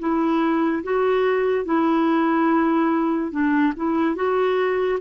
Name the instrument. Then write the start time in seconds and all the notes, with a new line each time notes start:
clarinet
0.00 E4
0.84 F#4
1.66 E4
3.31 D4
3.77 E4
4.16 F#4